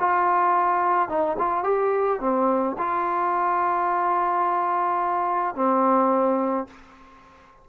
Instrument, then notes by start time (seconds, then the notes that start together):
trombone
0.00 F4
1.09 D#4
1.39 F4
1.64 G4
2.20 C4
2.78 F4
5.55 C4